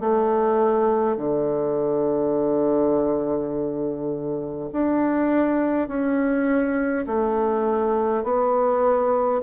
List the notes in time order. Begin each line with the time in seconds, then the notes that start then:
0.00 A3
1.17 D3
4.72 D4
5.88 C#4
7.06 A3
8.24 B3